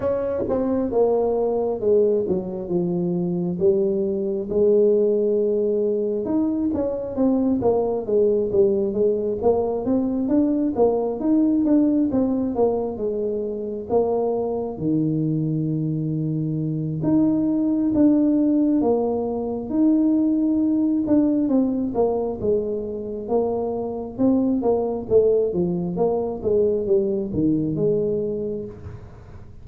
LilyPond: \new Staff \with { instrumentName = "tuba" } { \time 4/4 \tempo 4 = 67 cis'8 c'8 ais4 gis8 fis8 f4 | g4 gis2 dis'8 cis'8 | c'8 ais8 gis8 g8 gis8 ais8 c'8 d'8 | ais8 dis'8 d'8 c'8 ais8 gis4 ais8~ |
ais8 dis2~ dis8 dis'4 | d'4 ais4 dis'4. d'8 | c'8 ais8 gis4 ais4 c'8 ais8 | a8 f8 ais8 gis8 g8 dis8 gis4 | }